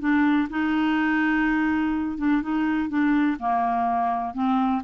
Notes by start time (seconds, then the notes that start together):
0.00 D4
0.50 D#4
2.18 D4
2.43 D#4
2.89 D4
3.40 A#3
4.34 C4